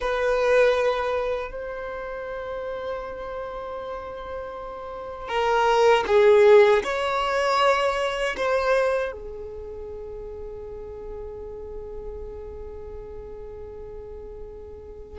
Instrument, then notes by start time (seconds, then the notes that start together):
violin
0.00 B4
1.51 C5
5.28 A#4
6.07 G#4
6.83 C#5
8.36 C5
9.12 G#4